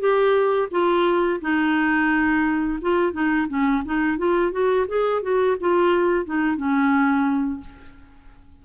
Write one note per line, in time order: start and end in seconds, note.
0.00 0.69 G4
0.71 1.40 F4
1.41 2.79 D#4
2.82 3.13 F4
3.13 3.47 D#4
3.49 3.83 C#4
3.85 4.18 D#4
4.18 4.52 F4
4.52 4.86 F#4
4.88 5.22 G#4
5.22 5.57 F#4
5.61 6.25 F4
6.25 6.57 D#4
6.57 7.60 C#4